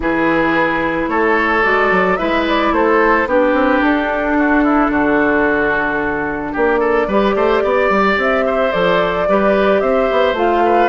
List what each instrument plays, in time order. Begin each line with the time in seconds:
0.00 bassoon E3, clarinet E4, oboe G#4, flute B4
1.08 bassoon A3, oboe A4, flute C#5
1.62 bassoon G#3, clarinet F#4, flute D5
1.91 bassoon F#3
2.17 bassoon G#3, clarinet E4, oboe B4, flute E5
2.48 flute D5
2.71 bassoon A3, oboe A4, flute C5
3.26 bassoon B3, clarinet D4, oboe G4, flute B4
3.53 bassoon C4
3.82 bassoon D4, flute A4
4.38 oboe F#4
4.63 oboe E4
4.89 bassoon D3, oboe F#4
6.52 bassoon A#3, oboe G4, flute D5
6.79 oboe A4
7.07 bassoon G3, clarinet G4, oboe B4
7.35 bassoon A3, oboe C5
7.63 bassoon B3, oboe D5
7.89 bassoon G3
8.17 bassoon C4, flute E5
8.46 oboe C5
8.72 bassoon F3, clarinet A4, flute D5
9.28 bassoon G3, clarinet G4, oboe B4
9.80 bassoon C4, oboe C5, flute E5
10.11 bassoon B3
10.33 bassoon A3, clarinet F4, flute F5
10.64 oboe B4